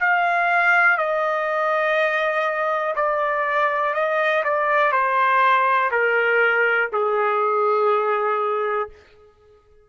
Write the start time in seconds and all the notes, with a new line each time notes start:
0.00 F5
0.98 D#5
2.96 D5
3.94 D#5
4.44 D5
4.92 C5
5.91 A#4
6.93 G#4